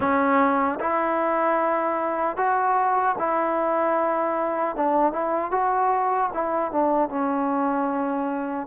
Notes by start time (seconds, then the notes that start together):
0.00 C#4
0.80 E4
2.36 F#4
3.18 E4
4.76 D4
5.12 E4
5.51 F#4
6.33 E4
6.71 D4
7.09 C#4